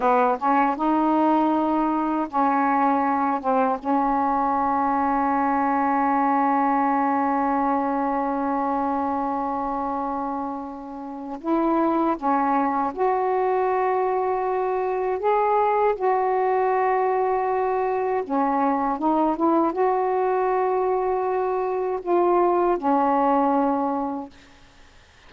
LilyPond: \new Staff \with { instrumentName = "saxophone" } { \time 4/4 \tempo 4 = 79 b8 cis'8 dis'2 cis'4~ | cis'8 c'8 cis'2.~ | cis'1~ | cis'2. e'4 |
cis'4 fis'2. | gis'4 fis'2. | cis'4 dis'8 e'8 fis'2~ | fis'4 f'4 cis'2 | }